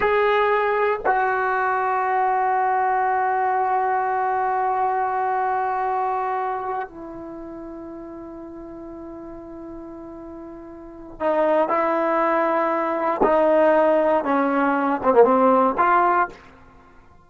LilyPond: \new Staff \with { instrumentName = "trombone" } { \time 4/4 \tempo 4 = 118 gis'2 fis'2~ | fis'1~ | fis'1~ | fis'4. e'2~ e'8~ |
e'1~ | e'2 dis'4 e'4~ | e'2 dis'2 | cis'4. c'16 ais16 c'4 f'4 | }